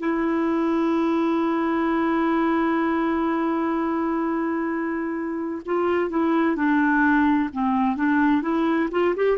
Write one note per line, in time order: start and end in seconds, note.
0.00 5.62 E4
5.66 6.10 F4
6.10 6.56 E4
6.56 7.50 D4
7.53 7.96 C4
7.96 8.42 D4
8.42 8.89 E4
8.91 9.15 F4
9.17 9.38 G4